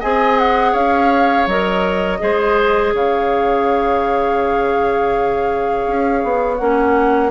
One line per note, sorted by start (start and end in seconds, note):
0.00 0.74 C4
0.00 1.49 G#4
0.00 0.72 D#5
0.00 0.39 G#5
0.39 0.75 F#5
0.72 1.47 C#4
0.72 2.18 C#5
0.72 1.48 F5
1.47 2.20 F#3
1.47 2.19 A#4
1.47 2.95 D#5
2.19 2.93 G#3
2.19 6.58 G#4
2.19 2.95 C5
2.93 5.86 C#3
2.93 7.31 C#5
2.93 6.57 F5
5.87 6.23 C#4
6.23 6.60 B3
6.57 7.31 A#3
6.57 7.31 C#4
6.57 7.30 F#5